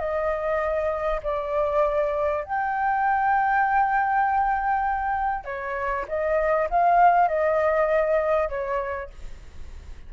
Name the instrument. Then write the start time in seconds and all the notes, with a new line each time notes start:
flute
0.00 D#5
1.24 D5
2.45 G5
5.45 C#5
6.09 D#5
6.71 F5
7.29 D#5
8.50 C#5